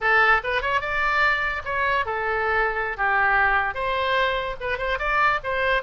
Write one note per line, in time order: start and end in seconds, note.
0.01 0.41 A4
0.43 0.61 B4
0.61 0.80 C#5
0.80 1.62 D5
1.64 2.05 C#5
2.05 2.97 A4
2.97 3.74 G4
3.74 4.56 C5
4.60 4.78 B4
4.78 4.98 C5
4.98 5.39 D5
5.43 5.82 C5